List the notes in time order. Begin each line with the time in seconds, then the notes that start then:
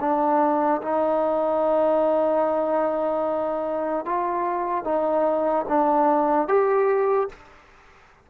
0.00 D4
0.81 D#4
4.05 F4
4.84 D#4
5.68 D4
6.48 G4